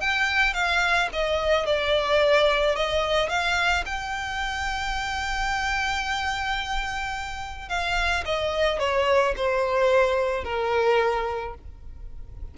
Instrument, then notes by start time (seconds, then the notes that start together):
violin
0.00 G5
0.53 F5
1.12 D#5
1.65 D5
2.75 D#5
3.29 F5
3.85 G5
7.69 F5
8.25 D#5
8.79 C#5
9.36 C5
10.44 A#4